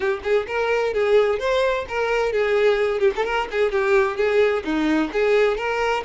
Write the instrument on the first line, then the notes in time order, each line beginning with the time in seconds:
violin
0.00 G4
0.23 G#4
0.47 A#4
0.93 G#4
1.39 C5
1.88 A#4
2.32 G#4
2.99 G4
3.15 A4
3.25 A#4
3.51 G#4
3.71 G4
4.16 G#4
4.64 D#4
5.12 G#4
5.57 A#4